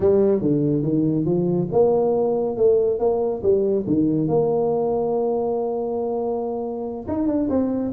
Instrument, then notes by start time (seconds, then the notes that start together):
tuba
0.00 G3
0.41 D3
0.82 D#3
1.25 F3
1.71 A#3
2.56 A3
2.99 A#3
3.42 G3
3.86 D#3
4.27 A#3
7.08 D#4
7.27 D4
7.49 C4